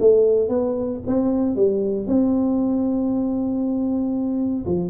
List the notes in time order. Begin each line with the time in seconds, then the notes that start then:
0.00 A3
0.49 B3
1.07 C4
1.56 G3
2.07 C4
4.66 F3